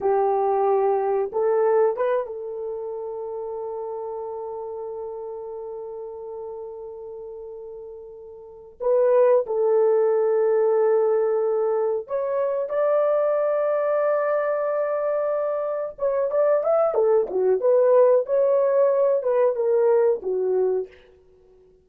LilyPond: \new Staff \with { instrumentName = "horn" } { \time 4/4 \tempo 4 = 92 g'2 a'4 b'8 a'8~ | a'1~ | a'1~ | a'4. b'4 a'4.~ |
a'2~ a'8 cis''4 d''8~ | d''1~ | d''8 cis''8 d''8 e''8 a'8 fis'8 b'4 | cis''4. b'8 ais'4 fis'4 | }